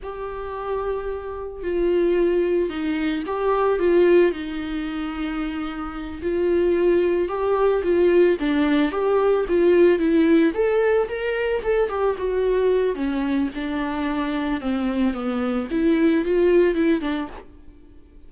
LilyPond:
\new Staff \with { instrumentName = "viola" } { \time 4/4 \tempo 4 = 111 g'2. f'4~ | f'4 dis'4 g'4 f'4 | dis'2.~ dis'8 f'8~ | f'4. g'4 f'4 d'8~ |
d'8 g'4 f'4 e'4 a'8~ | a'8 ais'4 a'8 g'8 fis'4. | cis'4 d'2 c'4 | b4 e'4 f'4 e'8 d'8 | }